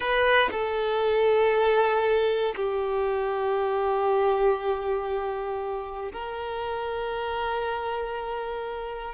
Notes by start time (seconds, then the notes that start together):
0.00 B4
0.51 A4
2.56 G4
6.12 A#4